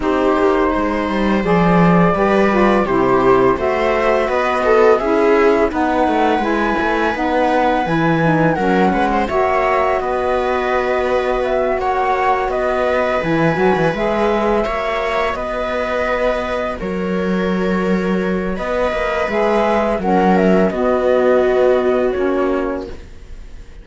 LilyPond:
<<
  \new Staff \with { instrumentName = "flute" } { \time 4/4 \tempo 4 = 84 c''2 d''2 | c''4 e''4 dis''4 e''4 | fis''4 gis''4 fis''4 gis''4 | fis''4 e''4 dis''2 |
e''8 fis''4 dis''4 gis''4 e''8~ | e''4. dis''2 cis''8~ | cis''2 dis''4 e''4 | fis''8 e''8 dis''2 cis''4 | }
  \new Staff \with { instrumentName = "viola" } { \time 4/4 g'4 c''2 b'4 | g'4 c''4 b'8 a'8 gis'4 | b'1 | ais'8 b'16 c''16 cis''4 b'2~ |
b'8 cis''4 b'2~ b'8~ | b'8 cis''4 b'2 ais'8~ | ais'2 b'2 | ais'4 fis'2. | }
  \new Staff \with { instrumentName = "saxophone" } { \time 4/4 dis'2 gis'4 g'8 f'8 | e'4 fis'2 e'4 | dis'4 e'4 dis'4 e'8 dis'8 | cis'4 fis'2.~ |
fis'2~ fis'8 e'8 fis'8 gis'8~ | gis'8 fis'2.~ fis'8~ | fis'2. gis'4 | cis'4 b2 cis'4 | }
  \new Staff \with { instrumentName = "cello" } { \time 4/4 c'8 ais8 gis8 g8 f4 g4 | c4 a4 b4 cis'4 | b8 a8 gis8 a8 b4 e4 | fis8 gis8 ais4 b2~ |
b8 ais4 b4 e8 fis16 e16 gis8~ | gis8 ais4 b2 fis8~ | fis2 b8 ais8 gis4 | fis4 b2 ais4 | }
>>